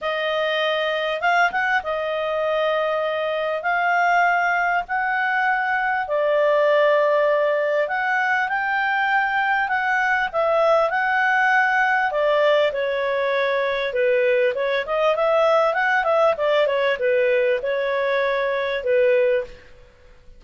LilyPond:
\new Staff \with { instrumentName = "clarinet" } { \time 4/4 \tempo 4 = 99 dis''2 f''8 fis''8 dis''4~ | dis''2 f''2 | fis''2 d''2~ | d''4 fis''4 g''2 |
fis''4 e''4 fis''2 | d''4 cis''2 b'4 | cis''8 dis''8 e''4 fis''8 e''8 d''8 cis''8 | b'4 cis''2 b'4 | }